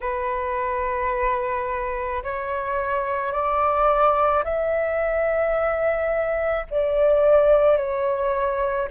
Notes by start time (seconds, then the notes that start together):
0.00 B4
2.23 C#5
3.32 D5
4.44 E5
6.70 D5
7.77 C#5